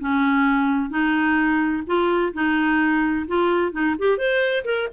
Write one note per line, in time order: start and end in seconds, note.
0.00 0.90 C#4
0.90 1.83 D#4
1.86 2.33 F4
2.33 3.26 D#4
3.27 3.72 F4
3.72 3.95 D#4
3.99 4.18 G4
4.18 4.64 C5
4.65 4.88 A#4